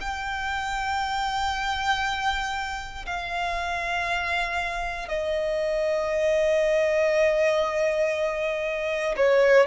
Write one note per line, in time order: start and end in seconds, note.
0.00 3.05 G5
3.06 5.08 F5
5.08 9.15 D#5
9.16 9.66 C#5